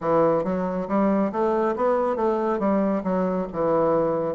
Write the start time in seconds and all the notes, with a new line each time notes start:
0.00 E3
0.43 F#3
0.88 G3
1.32 A3
1.76 B3
2.15 A3
2.59 G3
3.03 F#3
3.52 E3